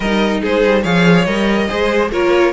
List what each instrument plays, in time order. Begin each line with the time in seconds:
0.00 cello G3, viola D#4, violin A#4 D#5
0.41 cello G#3, violin G#4 C5
0.65 cello G3
0.82 cello F3, viola G#4, violin C#5 F5
1.24 cello G3, viola A#4, violin D#5
1.68 cello G#3, viola G#4, violin C5
2.11 cello A#3, viola F4, violin A#4 C#5